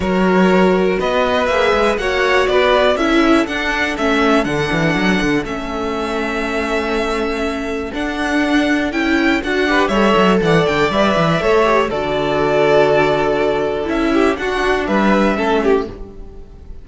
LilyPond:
<<
  \new Staff \with { instrumentName = "violin" } { \time 4/4 \tempo 4 = 121 cis''2 dis''4 e''4 | fis''4 d''4 e''4 fis''4 | e''4 fis''2 e''4~ | e''1 |
fis''2 g''4 fis''4 | e''4 fis''8 g''8 e''2 | d''1 | e''4 fis''4 e''2 | }
  \new Staff \with { instrumentName = "violin" } { \time 4/4 ais'2 b'2 | cis''4 b'4 a'2~ | a'1~ | a'1~ |
a'2.~ a'8 b'8 | cis''4 d''2 cis''4 | a'1~ | a'8 g'8 fis'4 b'4 a'8 g'8 | }
  \new Staff \with { instrumentName = "viola" } { \time 4/4 fis'2. gis'4 | fis'2 e'4 d'4 | cis'4 d'2 cis'4~ | cis'1 |
d'2 e'4 fis'8 g'8 | a'2 b'4 a'8 g'8 | fis'1 | e'4 d'2 cis'4 | }
  \new Staff \with { instrumentName = "cello" } { \time 4/4 fis2 b4 ais8 gis8 | ais4 b4 cis'4 d'4 | a4 d8 e8 fis8 d8 a4~ | a1 |
d'2 cis'4 d'4 | g8 fis8 e8 d8 g8 e8 a4 | d1 | cis'4 d'4 g4 a4 | }
>>